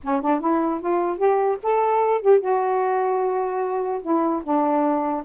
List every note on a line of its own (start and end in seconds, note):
0.03 0.21 C#4
0.21 0.40 D4
0.40 0.80 E4
0.80 1.17 F4
1.17 1.57 G4
1.62 2.21 A4
2.21 2.40 G4
2.40 4.01 F#4
4.02 4.42 E4
4.43 5.23 D4